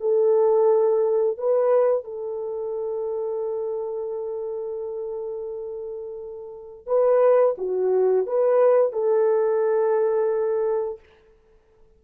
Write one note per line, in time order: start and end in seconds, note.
0.00 1.38 A4
1.38 2.04 B4
2.04 6.87 A4
6.87 7.55 B4
7.57 8.26 F#4
8.26 8.92 B4
8.92 10.99 A4